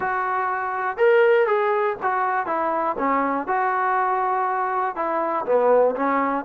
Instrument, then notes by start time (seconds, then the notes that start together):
trombone
0.00 F#4
0.97 A#4
1.47 G#4
2.02 F#4
2.46 E4
2.98 C#4
3.47 F#4
4.95 E4
5.45 B3
5.95 C#4